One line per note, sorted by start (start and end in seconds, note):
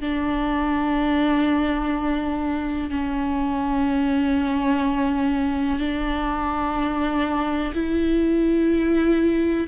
0.00 2.90 D4
2.90 5.79 C#4
5.79 7.72 D4
7.74 9.67 E4